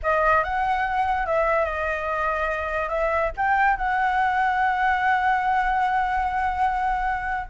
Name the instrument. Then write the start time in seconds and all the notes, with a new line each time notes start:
flute
0.02 D#5
0.43 F#5
1.26 E5
1.65 D#5
2.89 E5
3.36 G5
3.77 F#5